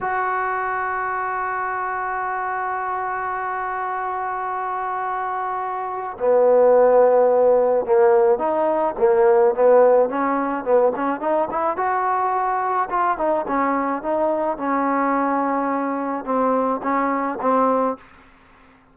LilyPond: \new Staff \with { instrumentName = "trombone" } { \time 4/4 \tempo 4 = 107 fis'1~ | fis'1~ | fis'2. b4~ | b2 ais4 dis'4 |
ais4 b4 cis'4 b8 cis'8 | dis'8 e'8 fis'2 f'8 dis'8 | cis'4 dis'4 cis'2~ | cis'4 c'4 cis'4 c'4 | }